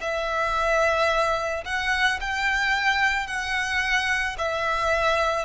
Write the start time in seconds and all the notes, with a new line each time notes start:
0.00 E5
1.65 F#5
2.20 G5
3.27 F#5
4.38 E5